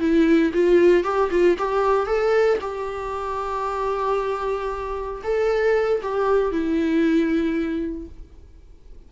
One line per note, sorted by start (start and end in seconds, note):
0.00 0.52 E4
0.54 1.04 F4
1.04 1.30 G4
1.31 1.57 F4
1.58 2.07 G4
2.07 2.59 A4
2.61 5.22 G4
5.24 6.02 A4
6.03 6.52 G4
6.52 8.08 E4